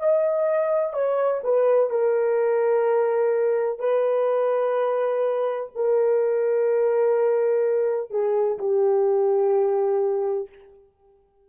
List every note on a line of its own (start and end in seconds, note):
0.00 0.94 D#5
0.94 1.41 C#5
1.44 1.90 B4
1.90 3.80 A#4
3.80 5.70 B4
5.76 8.11 A#4
8.11 8.58 G#4
8.59 10.49 G4